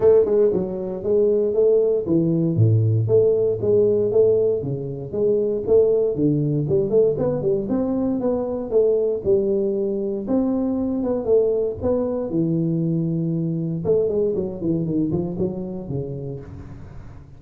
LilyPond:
\new Staff \with { instrumentName = "tuba" } { \time 4/4 \tempo 4 = 117 a8 gis8 fis4 gis4 a4 | e4 a,4 a4 gis4 | a4 cis4 gis4 a4 | d4 g8 a8 b8 g8 c'4 |
b4 a4 g2 | c'4. b8 a4 b4 | e2. a8 gis8 | fis8 e8 dis8 f8 fis4 cis4 | }